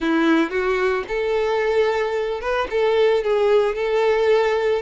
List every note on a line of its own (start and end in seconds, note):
0.00 0.50 E4
0.50 1.03 F#4
1.08 2.40 A4
2.40 2.67 B4
2.70 3.23 A4
3.23 3.75 G#4
3.75 4.82 A4